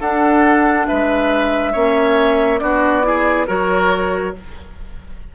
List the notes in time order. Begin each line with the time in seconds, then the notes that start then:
0.00 D4 A4 F#5
0.87 G#3 B4 E5
1.73 A#3 C#4 C#5
2.60 B3 D4 F#4 D5
3.03 E4 G#4
3.47 F#3 F#4 A#4 C#5